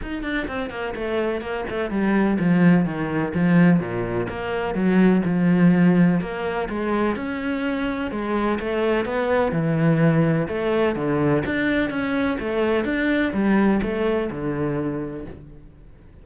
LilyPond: \new Staff \with { instrumentName = "cello" } { \time 4/4 \tempo 4 = 126 dis'8 d'8 c'8 ais8 a4 ais8 a8 | g4 f4 dis4 f4 | ais,4 ais4 fis4 f4~ | f4 ais4 gis4 cis'4~ |
cis'4 gis4 a4 b4 | e2 a4 d4 | d'4 cis'4 a4 d'4 | g4 a4 d2 | }